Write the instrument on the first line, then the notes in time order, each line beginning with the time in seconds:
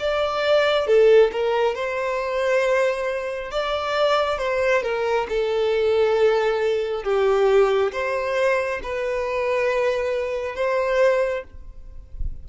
violin
0.00 D5
0.87 A4
1.33 A#4
1.76 C5
3.51 D5
4.39 C5
4.83 A#4
5.29 A4
7.04 G4
7.93 C5
8.84 B4
10.56 C5